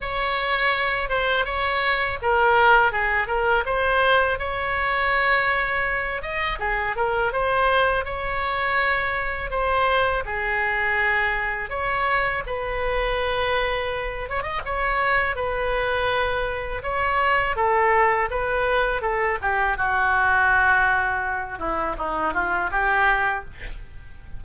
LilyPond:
\new Staff \with { instrumentName = "oboe" } { \time 4/4 \tempo 4 = 82 cis''4. c''8 cis''4 ais'4 | gis'8 ais'8 c''4 cis''2~ | cis''8 dis''8 gis'8 ais'8 c''4 cis''4~ | cis''4 c''4 gis'2 |
cis''4 b'2~ b'8 cis''16 dis''16 | cis''4 b'2 cis''4 | a'4 b'4 a'8 g'8 fis'4~ | fis'4. e'8 dis'8 f'8 g'4 | }